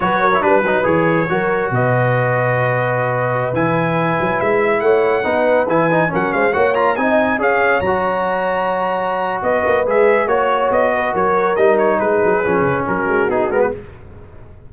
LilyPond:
<<
  \new Staff \with { instrumentName = "trumpet" } { \time 4/4 \tempo 4 = 140 cis''4 b'4 cis''2 | dis''1~ | dis''16 gis''2 e''4 fis''8.~ | fis''4~ fis''16 gis''4 fis''8 f''8 fis''8 ais''16~ |
ais''16 gis''4 f''4 ais''4.~ ais''16~ | ais''2 dis''4 e''4 | cis''4 dis''4 cis''4 dis''8 cis''8 | b'2 ais'4 gis'8 ais'16 b'16 | }
  \new Staff \with { instrumentName = "horn" } { \time 4/4 b'8 ais'8 b'2 ais'4 | b'1~ | b'2.~ b'16 cis''8.~ | cis''16 b'2 ais'8 c''8 cis''8.~ |
cis''16 dis''4 cis''2~ cis''8.~ | cis''2 b'2 | cis''4. b'8 ais'2 | gis'2 fis'2 | }
  \new Staff \with { instrumentName = "trombone" } { \time 4/4 fis'8. e'16 d'8 dis'8 gis'4 fis'4~ | fis'1~ | fis'16 e'2.~ e'8.~ | e'16 dis'4 e'8 dis'8 cis'4 fis'8 f'16~ |
f'16 dis'4 gis'4 fis'4.~ fis'16~ | fis'2. gis'4 | fis'2. dis'4~ | dis'4 cis'2 dis'8 b8 | }
  \new Staff \with { instrumentName = "tuba" } { \time 4/4 fis4 g8 fis8 e4 fis4 | b,1~ | b,16 e4. fis8 gis4 a8.~ | a16 b4 e4 fis8 gis8 ais8.~ |
ais16 c'4 cis'4 fis4.~ fis16~ | fis2 b8 ais8 gis4 | ais4 b4 fis4 g4 | gis8 fis8 f8 cis8 fis8 gis8 b8 gis8 | }
>>